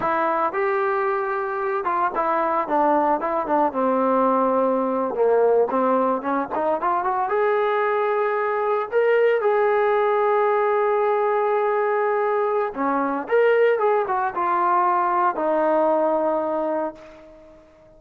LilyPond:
\new Staff \with { instrumentName = "trombone" } { \time 4/4 \tempo 4 = 113 e'4 g'2~ g'8 f'8 | e'4 d'4 e'8 d'8 c'4~ | c'4.~ c'16 ais4 c'4 cis'16~ | cis'16 dis'8 f'8 fis'8 gis'2~ gis'16~ |
gis'8. ais'4 gis'2~ gis'16~ | gis'1 | cis'4 ais'4 gis'8 fis'8 f'4~ | f'4 dis'2. | }